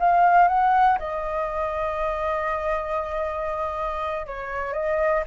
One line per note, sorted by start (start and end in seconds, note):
0.00 0.48 F5
0.48 0.99 F#5
0.99 4.27 D#5
4.27 4.73 C#5
4.73 5.24 D#5